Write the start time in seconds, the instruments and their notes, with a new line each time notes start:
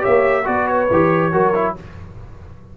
0.00 trombone G4, horn C#5, trumpet E5
0.06 tuba A#3
0.45 tuba B3, trombone F#4, horn B4, trumpet D5
0.68 trumpet C#5
0.91 tuba E3, trombone G4
1.32 tuba F#3, trombone F#4, horn A#4
1.54 trombone E4